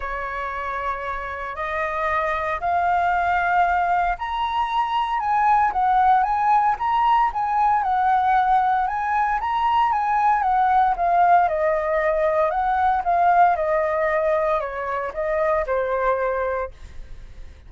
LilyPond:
\new Staff \with { instrumentName = "flute" } { \time 4/4 \tempo 4 = 115 cis''2. dis''4~ | dis''4 f''2. | ais''2 gis''4 fis''4 | gis''4 ais''4 gis''4 fis''4~ |
fis''4 gis''4 ais''4 gis''4 | fis''4 f''4 dis''2 | fis''4 f''4 dis''2 | cis''4 dis''4 c''2 | }